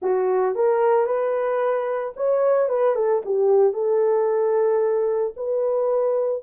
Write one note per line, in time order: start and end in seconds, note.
0.01 0.55 F#4
0.55 1.06 A#4
1.06 2.13 B4
2.16 2.68 C#5
2.68 2.95 B4
2.95 3.21 A4
3.25 3.73 G4
3.73 5.34 A4
5.36 6.42 B4